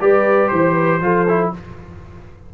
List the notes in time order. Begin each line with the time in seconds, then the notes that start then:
0.00 G3 G4 B4 D5
0.48 E3 C5
0.73 B4
1.01 F3 F4 A4
1.28 E4